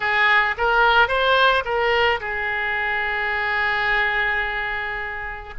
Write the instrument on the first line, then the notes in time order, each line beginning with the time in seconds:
oboe
0.00 G#4
0.57 A#4
1.08 C5
1.64 A#4
2.20 G#4